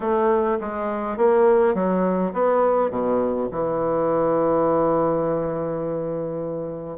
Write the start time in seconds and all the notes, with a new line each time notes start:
0.00 A3
0.60 G#3
1.17 A#3
1.74 F#3
2.33 B3
2.90 B2
3.51 E3